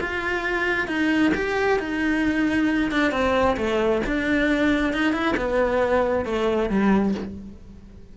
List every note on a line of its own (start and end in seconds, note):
0.00 0.87 F4
0.87 1.32 D#4
1.34 1.79 G4
1.79 2.91 D#4
2.91 3.11 D4
3.11 3.56 C4
3.57 4.01 A3
4.06 4.93 D4
4.93 5.12 D#4
5.12 5.35 E4
5.36 6.25 B3
6.25 6.69 A3
6.69 7.14 G3